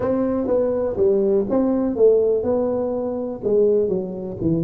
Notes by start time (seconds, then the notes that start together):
0.00 C4
0.47 B3
0.96 G3
1.49 C4
1.95 A3
2.43 B3
3.43 G#3
3.88 F#3
4.41 E3